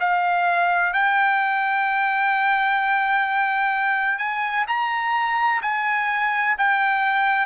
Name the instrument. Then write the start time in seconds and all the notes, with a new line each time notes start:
trumpet
0.00 F5
0.93 G5
4.18 G#5
4.67 A#5
5.62 G#5
6.58 G5